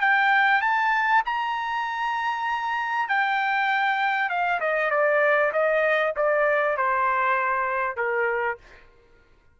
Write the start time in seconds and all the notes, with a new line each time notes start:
0.00 G5
0.61 A5
1.25 A#5
3.08 G5
4.29 F5
4.60 D#5
4.90 D5
5.52 D#5
6.16 D5
6.77 C5
7.96 A#4